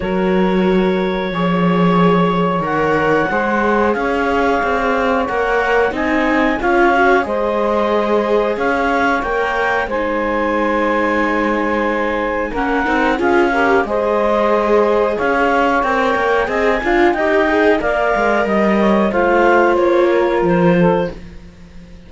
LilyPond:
<<
  \new Staff \with { instrumentName = "clarinet" } { \time 4/4 \tempo 4 = 91 cis''1 | fis''2 f''2 | fis''4 gis''4 f''4 dis''4~ | dis''4 f''4 g''4 gis''4~ |
gis''2. fis''4 | f''4 dis''2 f''4 | g''4 gis''4 g''4 f''4 | dis''4 f''4 cis''4 c''4 | }
  \new Staff \with { instrumentName = "saxophone" } { \time 4/4 ais'2 cis''2~ | cis''4 c''4 cis''2~ | cis''4 dis''4 cis''4 c''4~ | c''4 cis''2 c''4~ |
c''2. ais'4 | gis'8 ais'8 c''2 cis''4~ | cis''4 dis''8 f''8 dis''4 d''4 | dis''8 cis''8 c''4. ais'4 a'8 | }
  \new Staff \with { instrumentName = "viola" } { \time 4/4 fis'2 gis'2 | ais'4 gis'2. | ais'4 dis'4 f'8 fis'8 gis'4~ | gis'2 ais'4 dis'4~ |
dis'2. cis'8 dis'8 | f'8 g'8 gis'2. | ais'4 gis'8 f'8 g'8 gis'8 ais'4~ | ais'4 f'2. | }
  \new Staff \with { instrumentName = "cello" } { \time 4/4 fis2 f2 | dis4 gis4 cis'4 c'4 | ais4 c'4 cis'4 gis4~ | gis4 cis'4 ais4 gis4~ |
gis2. ais8 c'8 | cis'4 gis2 cis'4 | c'8 ais8 c'8 d'8 dis'4 ais8 gis8 | g4 a4 ais4 f4 | }
>>